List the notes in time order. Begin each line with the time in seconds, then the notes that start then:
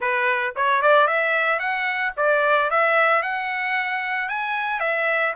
0.00 B4
0.56 C#5
0.82 D5
1.07 E5
1.59 F#5
2.16 D5
2.70 E5
3.22 F#5
4.29 G#5
4.80 E5